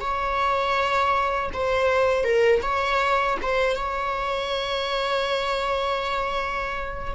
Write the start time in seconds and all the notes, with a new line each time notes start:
0.00 C#5
1.53 C5
2.24 A#4
2.62 C#5
3.42 C5
3.76 C#5